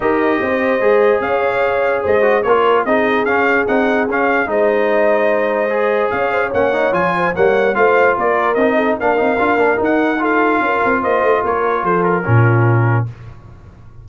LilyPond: <<
  \new Staff \with { instrumentName = "trumpet" } { \time 4/4 \tempo 4 = 147 dis''2. f''4~ | f''4 dis''4 cis''4 dis''4 | f''4 fis''4 f''4 dis''4~ | dis''2. f''4 |
fis''4 gis''4 fis''4 f''4 | d''4 dis''4 f''2 | fis''4 f''2 dis''4 | cis''4 c''8 ais'2~ ais'8 | }
  \new Staff \with { instrumentName = "horn" } { \time 4/4 ais'4 c''2 cis''4~ | cis''4 c''4 ais'4 gis'4~ | gis'2. c''4~ | c''2. cis''8 c''16 cis''16~ |
cis''4. c''8 cis''4 c''4 | ais'4. a'8 ais'2~ | ais'4 a'4 ais'4 c''4 | ais'4 a'4 f'2 | }
  \new Staff \with { instrumentName = "trombone" } { \time 4/4 g'2 gis'2~ | gis'4. fis'8 f'4 dis'4 | cis'4 dis'4 cis'4 dis'4~ | dis'2 gis'2 |
cis'8 dis'8 f'4 ais4 f'4~ | f'4 dis'4 d'8 dis'8 f'8 d'8 | dis'4 f'2.~ | f'2 cis'2 | }
  \new Staff \with { instrumentName = "tuba" } { \time 4/4 dis'4 c'4 gis4 cis'4~ | cis'4 gis4 ais4 c'4 | cis'4 c'4 cis'4 gis4~ | gis2. cis'4 |
ais4 f4 g4 a4 | ais4 c'4 ais8 c'8 d'8 ais8 | dis'2 cis'8 c'8 ais8 a8 | ais4 f4 ais,2 | }
>>